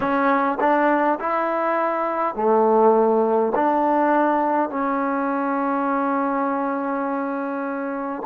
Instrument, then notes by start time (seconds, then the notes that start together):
trombone
0.00 C#4
0.59 D4
1.19 E4
2.35 A3
3.55 D4
4.70 C#4